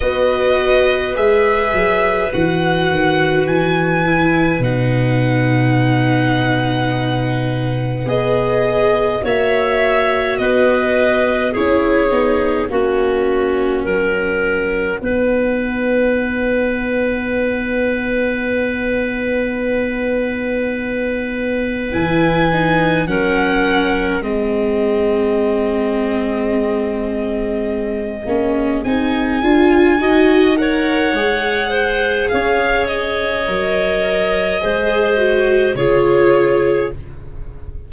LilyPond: <<
  \new Staff \with { instrumentName = "violin" } { \time 4/4 \tempo 4 = 52 dis''4 e''4 fis''4 gis''4 | fis''2. dis''4 | e''4 dis''4 cis''4 fis''4~ | fis''1~ |
fis''2. gis''4 | fis''4 dis''2.~ | dis''4 gis''4. fis''4. | f''8 dis''2~ dis''8 cis''4 | }
  \new Staff \with { instrumentName = "clarinet" } { \time 4/4 b'1~ | b'1 | cis''4 b'4 gis'4 fis'4 | ais'4 b'2.~ |
b'1 | ais'4 gis'2.~ | gis'2 dis''8 cis''4 c''8 | cis''2 c''4 gis'4 | }
  \new Staff \with { instrumentName = "viola" } { \time 4/4 fis'4 gis'4 fis'4. e'8 | dis'2. gis'4 | fis'2 e'8 dis'8 cis'4~ | cis'4 dis'2.~ |
dis'2. e'8 dis'8 | cis'4 c'2.~ | c'8 cis'8 dis'8 f'8 fis'8 ais'8 gis'4~ | gis'4 ais'4 gis'8 fis'8 f'4 | }
  \new Staff \with { instrumentName = "tuba" } { \time 4/4 b4 gis8 fis8 e8 dis8 e4 | b,2. b4 | ais4 b4 cis'8 b8 ais4 | fis4 b2.~ |
b2. e4 | fis4 gis2.~ | gis8 ais8 c'8 d'8 dis'4 gis4 | cis'4 fis4 gis4 cis4 | }
>>